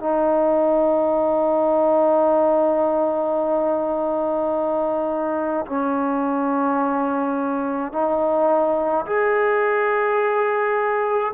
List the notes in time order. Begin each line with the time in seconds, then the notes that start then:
0.00 D#4
5.67 C#4
7.92 D#4
9.06 G#4